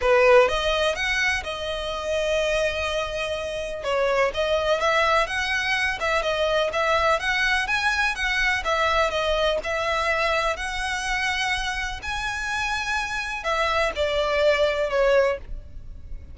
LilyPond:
\new Staff \with { instrumentName = "violin" } { \time 4/4 \tempo 4 = 125 b'4 dis''4 fis''4 dis''4~ | dis''1 | cis''4 dis''4 e''4 fis''4~ | fis''8 e''8 dis''4 e''4 fis''4 |
gis''4 fis''4 e''4 dis''4 | e''2 fis''2~ | fis''4 gis''2. | e''4 d''2 cis''4 | }